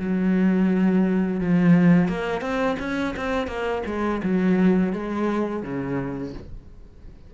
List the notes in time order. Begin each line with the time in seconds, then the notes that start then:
0.00 F#3
1.41 F3
2.09 A#3
2.42 C4
2.80 C#4
3.17 C4
3.48 A#3
3.87 G#3
4.24 F#3
4.93 G#3
5.63 C#3